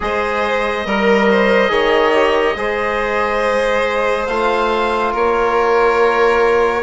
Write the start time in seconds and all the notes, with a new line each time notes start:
0.00 G#3 G#4 C5 D#5
0.85 G3 A#4
1.30 C5
1.68 D#3 G#4 C#5
2.12 G4
2.55 G#3 G#4 C5
4.26 A3 F4 F5
5.12 A#3 A#4 C#5